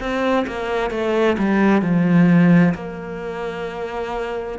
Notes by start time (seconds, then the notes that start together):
0.00 C4
0.47 A#3
0.91 A3
1.38 G3
1.82 F3
2.74 A#3